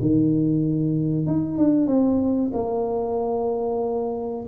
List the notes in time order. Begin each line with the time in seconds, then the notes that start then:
0.00 D#3
1.26 D#4
1.57 D4
1.87 C4
2.53 A#3